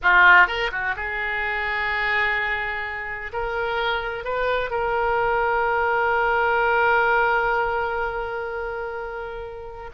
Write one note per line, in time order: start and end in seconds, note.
0.02 0.47 F4
0.47 0.71 A#4
0.71 0.95 F#4
0.96 3.32 G#4
3.32 4.24 A#4
4.24 4.70 B4
4.70 9.90 A#4